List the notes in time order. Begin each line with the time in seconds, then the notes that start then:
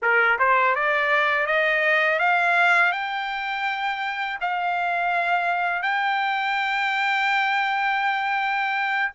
0.02 A#4
0.38 C5
0.75 D5
1.46 D#5
2.19 F5
2.91 G5
4.40 F5
5.82 G5